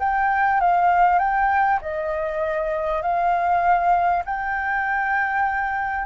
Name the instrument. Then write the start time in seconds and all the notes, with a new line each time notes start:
flute
0.00 G5
0.61 F5
1.19 G5
1.82 D#5
3.02 F5
4.26 G5